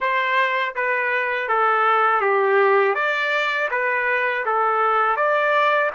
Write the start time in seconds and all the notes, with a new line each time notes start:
0.00 C5
0.75 B4
1.48 A4
2.21 G4
2.94 D5
3.70 B4
4.45 A4
5.16 D5